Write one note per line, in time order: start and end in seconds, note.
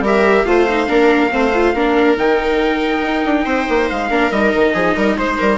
0.00 0.43 G3
0.00 0.46 G4
0.00 0.47 A#4
0.07 0.45 E5
0.45 0.88 A3
0.45 0.67 F4
0.45 0.89 C5
0.45 2.16 F5
0.68 0.87 D#4
0.87 1.31 A#3
0.87 1.30 D4
0.87 1.32 A#4
1.30 1.74 A3
1.30 1.52 C4
1.30 1.75 C5
1.54 1.75 F4
1.74 2.17 A#3
1.74 2.17 D4
1.74 3.45 A#4
2.17 3.02 D#3
2.17 4.10 D#4
2.17 3.89 G5
3.02 3.23 D#4
3.25 3.45 D4
3.45 3.67 C4
3.45 4.09 C5
3.68 3.90 A#3
3.89 4.10 G#3
3.89 4.31 F5
4.09 4.31 A#3
4.09 4.31 D4
4.09 4.74 A#4
4.31 4.53 G3
4.31 5.58 D#4
4.31 5.17 D#5
4.55 4.74 D#3
4.74 4.95 F3
4.74 4.95 G#4
4.96 5.17 G3
4.96 5.17 A#4
5.17 5.38 G#3
5.17 5.58 C5
5.17 5.38 C5
5.38 5.58 G3
5.38 5.58 A#4